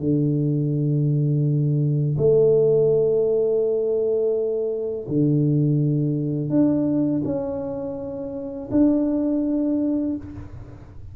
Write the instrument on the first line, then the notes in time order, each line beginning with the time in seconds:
tuba
0.00 D3
2.18 A3
5.08 D3
6.50 D4
7.25 C#4
8.72 D4